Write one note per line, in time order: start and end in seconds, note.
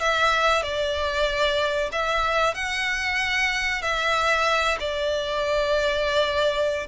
0.00 0.62 E5
0.62 1.90 D5
1.92 2.54 E5
2.54 3.82 F#5
3.82 4.78 E5
4.79 6.87 D5